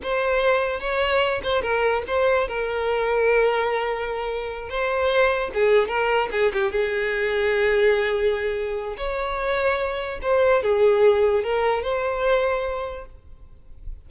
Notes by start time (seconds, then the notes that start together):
0.02 C5
0.80 C#5
1.43 C5
1.61 A#4
2.07 C5
2.48 A#4
4.69 C5
5.54 G#4
5.88 A#4
6.31 G#4
6.53 G4
6.71 G#4
8.97 C#5
10.22 C5
10.62 G#4
11.43 A#4
11.83 C5